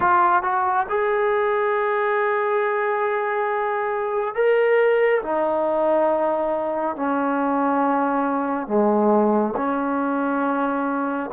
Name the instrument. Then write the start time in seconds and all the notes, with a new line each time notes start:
trombone
0.00 F4
0.43 F#4
0.89 G#4
4.34 A#4
5.22 D#4
6.96 C#4
8.67 G#3
9.56 C#4